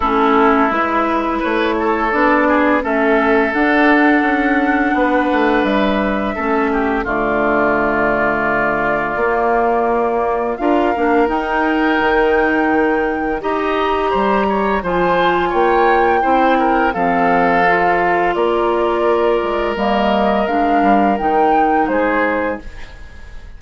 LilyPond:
<<
  \new Staff \with { instrumentName = "flute" } { \time 4/4 \tempo 4 = 85 a'4 b'4 cis''4 d''4 | e''4 fis''2. | e''2 d''2~ | d''2. f''4 |
g''2. ais''4~ | ais''4 gis''4 g''2 | f''2 d''2 | dis''4 f''4 g''4 c''4 | }
  \new Staff \with { instrumentName = "oboe" } { \time 4/4 e'2 b'8 a'4 gis'8 | a'2. b'4~ | b'4 a'8 g'8 f'2~ | f'2. ais'4~ |
ais'2. dis''4 | c''8 cis''8 c''4 cis''4 c''8 ais'8 | a'2 ais'2~ | ais'2. gis'4 | }
  \new Staff \with { instrumentName = "clarinet" } { \time 4/4 cis'4 e'2 d'4 | cis'4 d'2.~ | d'4 cis'4 a2~ | a4 ais2 f'8 d'8 |
dis'2. g'4~ | g'4 f'2 e'4 | c'4 f'2. | ais4 d'4 dis'2 | }
  \new Staff \with { instrumentName = "bassoon" } { \time 4/4 a4 gis4 a4 b4 | a4 d'4 cis'4 b8 a8 | g4 a4 d2~ | d4 ais2 d'8 ais8 |
dis'4 dis2 dis'4 | g4 f4 ais4 c'4 | f2 ais4. gis8 | g4 gis8 g8 dis4 gis4 | }
>>